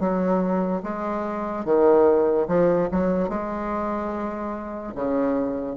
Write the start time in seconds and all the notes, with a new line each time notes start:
0.00 F#3
0.83 G#3
1.65 D#3
2.48 F3
2.91 F#3
3.29 G#3
4.95 C#3